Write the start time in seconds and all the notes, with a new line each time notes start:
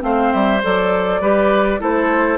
0.00 A3 C4 C5 F5
0.32 G3 E5
0.63 F#3 A4 D5
1.21 G3 G4 B4
1.79 A3 E4 A4 C5